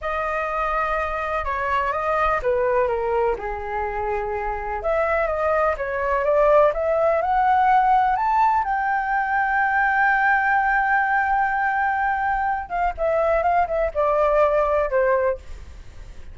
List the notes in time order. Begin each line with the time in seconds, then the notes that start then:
0.01 D#5
1.44 C#5
1.92 D#5
2.42 B4
2.87 A#4
3.38 G#4
4.82 E5
5.27 D#5
5.77 C#5
6.24 D5
6.73 E5
7.21 F#5
8.16 A5
8.64 G5
12.69 F5
12.97 E5
13.43 F5
13.67 E5
13.94 D5
14.90 C5